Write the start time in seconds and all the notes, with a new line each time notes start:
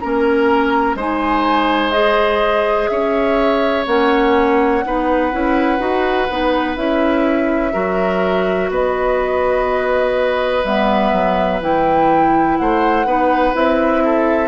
0.00 A#3 C#4 A#4 A#5
0.95 G#3 D#4 C5 G#5
1.92 G#4 D#5
2.88 C#4 C#5 E5
3.87 A#3 C#4 F#5
4.85 B3 D#4 B4
5.32 C#4 E4
5.79 D#4 F#4
6.30 B3 D#4
6.77 C#4 E4 E5
7.73 F#3 F#4 A#4
8.71 B3 B4 D#5
10.65 G3 B3 E5
11.13 F#3
11.61 E3 E4 G5
12.58 A3 C5 F#5
13.06 B3 D#4 B4
13.54 C4 E4 E5
14.05 A4